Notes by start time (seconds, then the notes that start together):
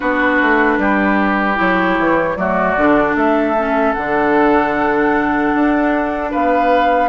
0.00 B3 D4 F#4 B4
0.41 A3
0.77 G3 G4
1.55 F#3 E4 C#5
1.98 E3
2.36 F#3 A3 F#4 D5
2.77 D3 D4
3.15 A3 A4 E5
3.57 C#4
3.93 D3 D4 F#5
5.54 D4
6.30 B3 B4 F5